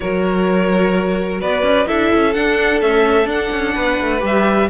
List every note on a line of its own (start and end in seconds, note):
0.00 1.42 F#3
0.00 1.86 F#4
0.00 1.40 A#4
0.00 1.40 C#5
1.40 1.63 B3
1.40 1.87 B4
1.40 1.87 D5
1.63 1.86 C#4
1.86 2.12 D4
1.86 2.33 E4
1.86 3.75 A4
1.86 2.33 E5
2.14 2.36 C#4
2.33 2.81 D4
2.33 2.82 D4
2.33 2.80 F#5
2.81 3.27 A3
2.81 3.25 C#4
2.81 3.28 E5
3.25 3.48 D4
3.25 4.19 D4
3.25 4.22 F#5
3.51 3.75 C#4
3.75 3.99 B3
3.75 4.69 B4
4.00 4.22 A3
4.19 4.69 G3
4.19 4.66 G4
4.26 4.69 E5